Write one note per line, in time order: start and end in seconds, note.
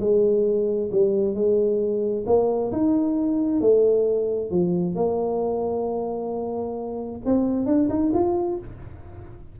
0.00 0.90 G#3
0.92 1.34 G3
1.34 2.25 G#3
2.26 2.71 A#3
2.72 3.61 D#4
3.61 4.51 A3
4.51 4.95 F3
4.95 7.21 A#3
7.25 7.66 C4
7.66 7.88 D4
7.89 8.12 D#4
8.14 8.59 F4